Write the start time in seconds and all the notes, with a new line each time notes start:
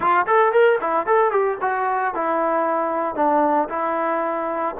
0.00 F4
0.26 A4
0.52 A#4
0.80 E4
1.06 A4
1.31 G4
1.61 F#4
2.14 E4
3.15 D4
3.69 E4